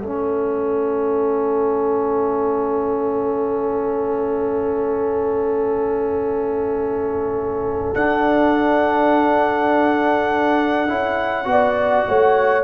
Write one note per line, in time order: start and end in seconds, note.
0.00 7.95 A3
0.00 7.97 C#4
0.00 11.48 A4
0.00 7.94 E5
7.94 10.88 D4
7.94 10.87 D4
7.94 12.64 F#5
10.87 11.46 C#4
10.87 11.44 E4
11.44 12.05 B3
11.44 12.62 F#4
11.51 12.08 D5
12.08 12.64 A3
12.08 12.64 C#5